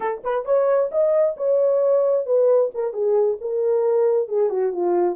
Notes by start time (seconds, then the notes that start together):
0.00 A4
0.24 B4
0.45 C#5
0.91 D#5
1.36 C#5
2.26 B4
2.74 A#4
2.93 G#4
3.41 A#4
4.28 G#4
4.49 F#4
4.72 F4